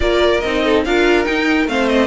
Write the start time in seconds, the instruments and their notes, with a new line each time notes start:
0.00 cello A#3, viola F4, violin A#4 D5
0.40 cello C4, viola D#4, violin D#5
0.64 violin A4
0.85 cello D4, viola F4, violin A#4 F5
1.24 viola D#4, cello D#4, violin G5
1.67 cello A3, viola C4, violin C5 F5
1.88 violin D#5